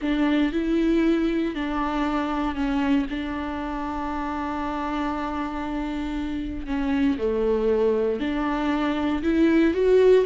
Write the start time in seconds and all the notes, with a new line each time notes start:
0.01 D4
0.52 E4
1.54 D4
2.55 C#4
3.09 D4
6.66 C#4
7.17 A3
8.19 D4
9.23 E4
9.73 F#4